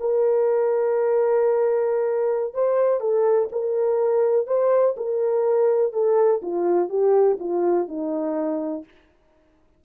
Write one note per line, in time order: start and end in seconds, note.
0.00 2.54 A#4
2.54 3.01 C5
3.01 3.49 A4
3.52 4.47 A#4
4.47 4.96 C5
4.97 5.93 A#4
5.93 6.41 A4
6.42 6.89 F4
6.89 7.38 G4
7.40 7.88 F4
7.88 8.85 D#4